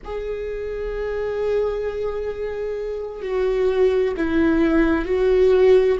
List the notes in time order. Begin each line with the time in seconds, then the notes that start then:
0.04 G#4
3.21 F#4
4.17 E4
5.05 F#4